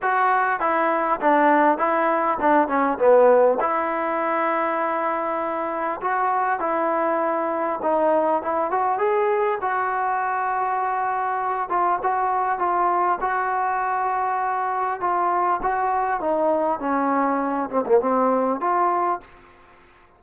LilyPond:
\new Staff \with { instrumentName = "trombone" } { \time 4/4 \tempo 4 = 100 fis'4 e'4 d'4 e'4 | d'8 cis'8 b4 e'2~ | e'2 fis'4 e'4~ | e'4 dis'4 e'8 fis'8 gis'4 |
fis'2.~ fis'8 f'8 | fis'4 f'4 fis'2~ | fis'4 f'4 fis'4 dis'4 | cis'4. c'16 ais16 c'4 f'4 | }